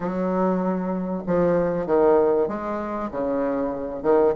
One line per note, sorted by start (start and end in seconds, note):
0.00 1.23 F#3
1.27 1.86 F3
1.86 2.47 D#3
2.47 3.09 G#3
3.11 4.02 C#3
4.02 4.33 D#3